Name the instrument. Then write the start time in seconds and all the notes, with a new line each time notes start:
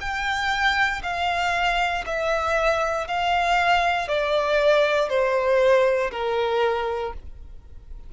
violin
0.00 G5
1.02 F5
2.06 E5
3.07 F5
4.08 D5
5.09 C5
6.11 A#4